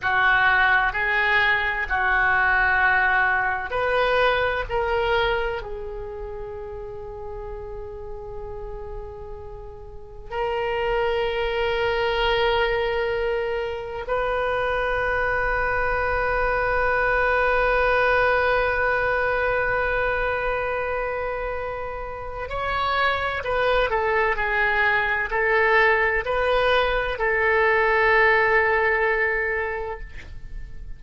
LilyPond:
\new Staff \with { instrumentName = "oboe" } { \time 4/4 \tempo 4 = 64 fis'4 gis'4 fis'2 | b'4 ais'4 gis'2~ | gis'2. ais'4~ | ais'2. b'4~ |
b'1~ | b'1 | cis''4 b'8 a'8 gis'4 a'4 | b'4 a'2. | }